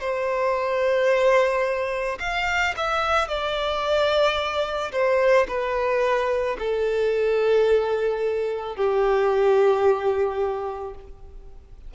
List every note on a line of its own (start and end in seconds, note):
0.00 2.18 C5
2.20 2.74 F5
2.77 3.28 E5
3.28 4.91 D5
4.92 5.47 C5
5.48 6.57 B4
6.59 8.76 A4
8.76 10.94 G4